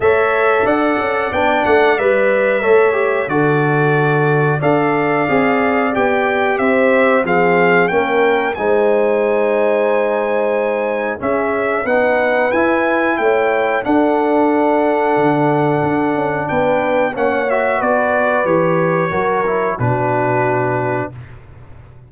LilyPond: <<
  \new Staff \with { instrumentName = "trumpet" } { \time 4/4 \tempo 4 = 91 e''4 fis''4 g''8 fis''8 e''4~ | e''4 d''2 f''4~ | f''4 g''4 e''4 f''4 | g''4 gis''2.~ |
gis''4 e''4 fis''4 gis''4 | g''4 fis''2.~ | fis''4 g''4 fis''8 e''8 d''4 | cis''2 b'2 | }
  \new Staff \with { instrumentName = "horn" } { \time 4/4 cis''4 d''2. | cis''4 a'2 d''4~ | d''2 c''4 gis'4 | ais'4 c''2.~ |
c''4 gis'4 b'2 | cis''4 a'2.~ | a'4 b'4 cis''4 b'4~ | b'4 ais'4 fis'2 | }
  \new Staff \with { instrumentName = "trombone" } { \time 4/4 a'2 d'4 b'4 | a'8 g'8 fis'2 a'4 | gis'4 g'2 c'4 | cis'4 dis'2.~ |
dis'4 cis'4 dis'4 e'4~ | e'4 d'2.~ | d'2 cis'8 fis'4. | g'4 fis'8 e'8 d'2 | }
  \new Staff \with { instrumentName = "tuba" } { \time 4/4 a4 d'8 cis'8 b8 a8 g4 | a4 d2 d'4 | c'4 b4 c'4 f4 | ais4 gis2.~ |
gis4 cis'4 b4 e'4 | a4 d'2 d4 | d'8 cis'8 b4 ais4 b4 | e4 fis4 b,2 | }
>>